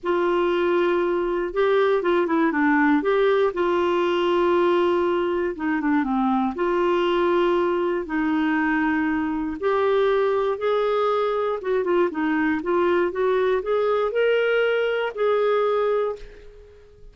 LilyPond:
\new Staff \with { instrumentName = "clarinet" } { \time 4/4 \tempo 4 = 119 f'2. g'4 | f'8 e'8 d'4 g'4 f'4~ | f'2. dis'8 d'8 | c'4 f'2. |
dis'2. g'4~ | g'4 gis'2 fis'8 f'8 | dis'4 f'4 fis'4 gis'4 | ais'2 gis'2 | }